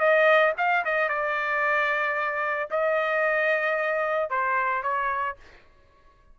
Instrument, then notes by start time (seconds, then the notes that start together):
trumpet
0.00 D#5
0.58 F5
0.85 D#5
1.09 D5
2.71 D#5
4.30 C5
4.83 C#5